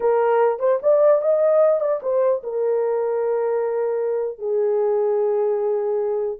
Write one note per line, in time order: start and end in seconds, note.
0.00 0.59 A#4
0.59 0.79 C5
0.82 1.21 D5
1.21 1.80 D#5
1.80 2.00 D5
2.02 2.42 C5
2.43 4.38 A#4
4.38 6.38 G#4